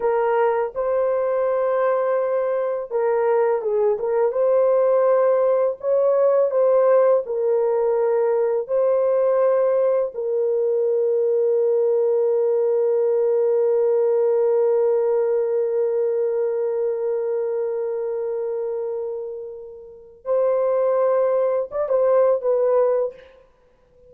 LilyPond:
\new Staff \with { instrumentName = "horn" } { \time 4/4 \tempo 4 = 83 ais'4 c''2. | ais'4 gis'8 ais'8 c''2 | cis''4 c''4 ais'2 | c''2 ais'2~ |
ais'1~ | ais'1~ | ais'1 | c''2 d''16 c''8. b'4 | }